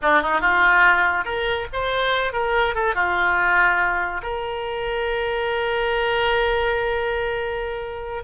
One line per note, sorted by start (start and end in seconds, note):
0.02 0.22 D4
0.22 0.40 D#4
0.40 1.24 F4
1.24 1.67 A#4
1.72 2.33 C5
2.33 2.74 A#4
2.74 2.94 A4
2.94 4.21 F4
4.22 8.23 A#4